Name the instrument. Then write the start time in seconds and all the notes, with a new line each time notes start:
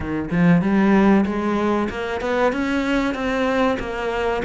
cello
0.00 D#3
0.30 F3
0.61 G3
1.25 G#3
1.89 A#3
2.20 B3
2.52 C#4
3.14 C4
3.79 A#3